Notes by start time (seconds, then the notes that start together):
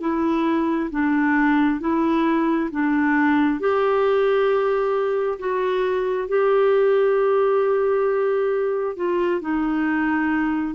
0.00 E4
0.90 D4
1.80 E4
2.71 D4
3.59 G4
5.39 F#4
6.28 G4
8.96 F4
9.41 D#4